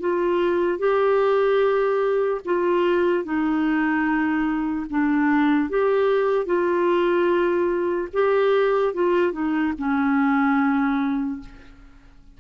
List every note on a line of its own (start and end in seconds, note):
0.00 0.79 F4
0.79 2.41 G4
2.45 3.24 F4
3.24 4.86 D#4
4.90 5.69 D4
5.69 6.46 G4
6.46 8.08 F4
8.13 8.94 G4
8.94 9.32 F4
9.32 9.73 D#4
9.78 11.40 C#4